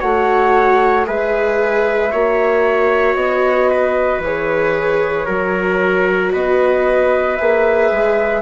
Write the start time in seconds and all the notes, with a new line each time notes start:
0.00 A3 F#4 C#5 F#5
1.05 G#3 G#4 B4 E5
2.12 A#3 F#4 C#5
3.15 B3 D#5
3.70 B4
4.19 E3 G#4 C#5
5.26 F#3 F#4 A#4
6.32 B3 B4 D#5
7.36 A#3 G#4 E5
7.91 G#3